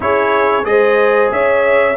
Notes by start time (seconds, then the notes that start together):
0.00 C#4 E4 G#4 C#5
0.64 G#3 G#4 C5 D#5
1.31 C#4 C#5 E5